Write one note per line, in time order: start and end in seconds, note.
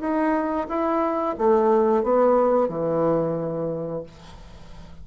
0.00 0.67 D#4
0.69 1.36 E4
1.38 2.03 A3
2.03 2.69 B3
2.69 4.04 E3